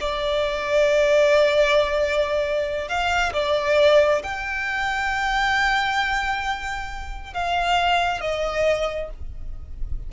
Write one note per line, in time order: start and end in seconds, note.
0.00 2.88 D5
2.88 3.33 F5
3.33 4.22 D5
4.23 7.33 G5
7.33 8.20 F5
8.20 9.09 D#5